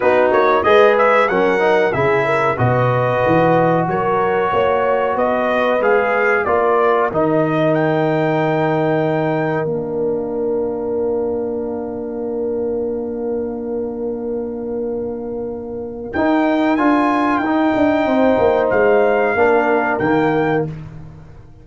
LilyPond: <<
  \new Staff \with { instrumentName = "trumpet" } { \time 4/4 \tempo 4 = 93 b'8 cis''8 dis''8 e''8 fis''4 e''4 | dis''2 cis''2 | dis''4 f''4 d''4 dis''4 | g''2. f''4~ |
f''1~ | f''1~ | f''4 g''4 gis''4 g''4~ | g''4 f''2 g''4 | }
  \new Staff \with { instrumentName = "horn" } { \time 4/4 fis'4 b'4 ais'4 gis'8 ais'8 | b'2 ais'4 cis''4 | b'2 ais'2~ | ais'1~ |
ais'1~ | ais'1~ | ais'1 | c''2 ais'2 | }
  \new Staff \with { instrumentName = "trombone" } { \time 4/4 dis'4 gis'4 cis'8 dis'8 e'4 | fis'1~ | fis'4 gis'4 f'4 dis'4~ | dis'2. d'4~ |
d'1~ | d'1~ | d'4 dis'4 f'4 dis'4~ | dis'2 d'4 ais4 | }
  \new Staff \with { instrumentName = "tuba" } { \time 4/4 b8 ais8 gis4 fis4 cis4 | b,4 e4 fis4 ais4 | b4 gis4 ais4 dis4~ | dis2. ais4~ |
ais1~ | ais1~ | ais4 dis'4 d'4 dis'8 d'8 | c'8 ais8 gis4 ais4 dis4 | }
>>